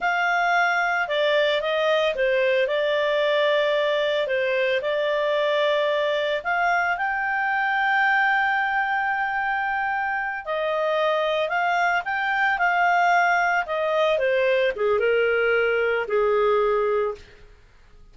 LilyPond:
\new Staff \with { instrumentName = "clarinet" } { \time 4/4 \tempo 4 = 112 f''2 d''4 dis''4 | c''4 d''2. | c''4 d''2. | f''4 g''2.~ |
g''2.~ g''8 dis''8~ | dis''4. f''4 g''4 f''8~ | f''4. dis''4 c''4 gis'8 | ais'2 gis'2 | }